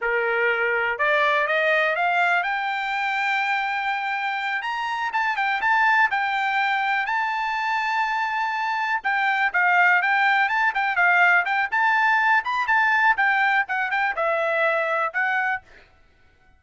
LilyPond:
\new Staff \with { instrumentName = "trumpet" } { \time 4/4 \tempo 4 = 123 ais'2 d''4 dis''4 | f''4 g''2.~ | g''4. ais''4 a''8 g''8 a''8~ | a''8 g''2 a''4.~ |
a''2~ a''8 g''4 f''8~ | f''8 g''4 a''8 g''8 f''4 g''8 | a''4. b''8 a''4 g''4 | fis''8 g''8 e''2 fis''4 | }